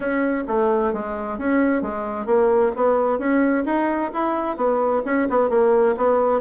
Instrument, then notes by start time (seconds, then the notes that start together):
bassoon
0.00 C#4
0.47 A3
0.93 G#3
1.38 C#4
1.82 G#3
2.26 A#3
2.76 B3
3.18 C#4
3.65 D#4
4.13 E4
4.56 B3
5.05 C#4
5.29 B3
5.49 A#3
5.96 B3